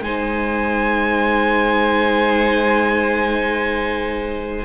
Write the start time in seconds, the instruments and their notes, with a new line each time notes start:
0.00 cello G#3, viola D#4, violin C5 G#5